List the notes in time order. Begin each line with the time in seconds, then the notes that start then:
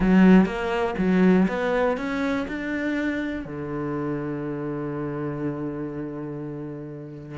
0.00 F#3
0.45 A#3
0.98 F#3
1.48 B3
1.97 C#4
2.48 D4
3.45 D3